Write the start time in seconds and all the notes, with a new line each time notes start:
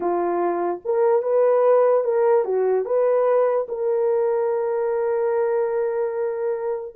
0.00 F4
0.84 A#4
1.22 B4
2.04 A#4
2.44 F#4
2.85 B4
3.68 A#4